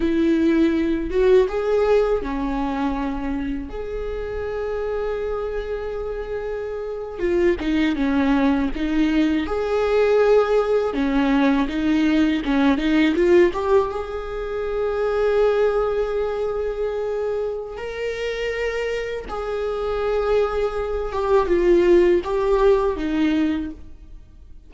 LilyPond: \new Staff \with { instrumentName = "viola" } { \time 4/4 \tempo 4 = 81 e'4. fis'8 gis'4 cis'4~ | cis'4 gis'2.~ | gis'4.~ gis'16 f'8 dis'8 cis'4 dis'16~ | dis'8. gis'2 cis'4 dis'16~ |
dis'8. cis'8 dis'8 f'8 g'8 gis'4~ gis'16~ | gis'1 | ais'2 gis'2~ | gis'8 g'8 f'4 g'4 dis'4 | }